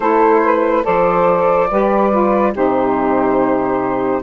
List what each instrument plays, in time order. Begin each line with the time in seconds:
0.00 bassoon A3, saxophone E4 A4, flute C5
0.44 saxophone B4
0.82 bassoon F3, saxophone A4 C5, flute D5
1.70 bassoon G3, saxophone G4 B4
2.11 saxophone F4
2.52 bassoon C3, saxophone D#4 G4, flute C5